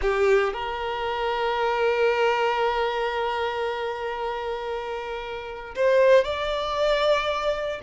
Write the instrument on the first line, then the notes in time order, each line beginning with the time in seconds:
violin
0.01 G4
0.53 A#4
5.75 C5
6.24 D5